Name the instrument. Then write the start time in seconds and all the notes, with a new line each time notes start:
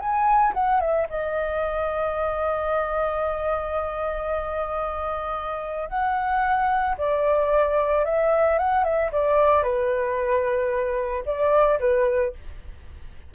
flute
0.00 G#5
0.54 F#5
0.81 E5
1.10 D#5
5.89 F#5
6.98 D5
8.05 E5
8.59 F#5
8.84 E5
9.13 D5
9.63 B4
11.26 D5
11.80 B4